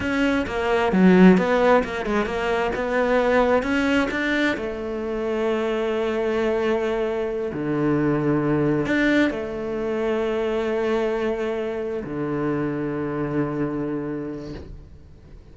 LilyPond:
\new Staff \with { instrumentName = "cello" } { \time 4/4 \tempo 4 = 132 cis'4 ais4 fis4 b4 | ais8 gis8 ais4 b2 | cis'4 d'4 a2~ | a1~ |
a8 d2. d'8~ | d'8 a2.~ a8~ | a2~ a8 d4.~ | d1 | }